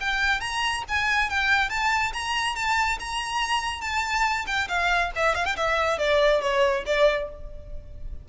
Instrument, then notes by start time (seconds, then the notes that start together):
violin
0.00 G5
0.41 A#5
0.88 G#5
1.30 G5
1.70 A5
2.13 A#5
2.55 A5
3.00 A#5
3.81 A5
4.47 G5
4.69 F5
5.15 E5
5.35 F5
5.45 G5
5.56 E5
5.98 D5
6.41 C#5
6.86 D5